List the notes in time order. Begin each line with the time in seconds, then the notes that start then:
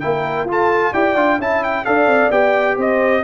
0.00 A#3 E4 A#4 G5
0.44 F4 A4
0.51 A5
0.93 E4 G4 D5 G5
1.15 D4 F4
1.39 C#4 E4 E5 A5
1.64 G5
1.85 D4 A4 D5 F5
2.06 C4
2.30 B3 G4 G5
2.76 C4 C5 D#5